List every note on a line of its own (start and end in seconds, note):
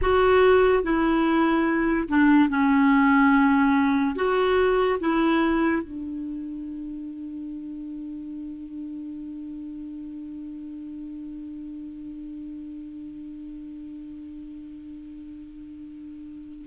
0.01 0.83 F#4
0.83 2.08 E4
2.08 2.49 D4
2.49 4.15 C#4
4.15 4.98 F#4
5.00 5.82 E4
5.82 16.65 D4